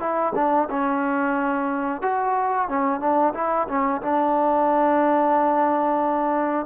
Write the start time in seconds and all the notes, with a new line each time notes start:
0.00 E4
0.35 D4
0.70 C#4
2.02 F#4
2.69 C#4
3.00 D4
3.34 E4
3.68 C#4
4.02 D4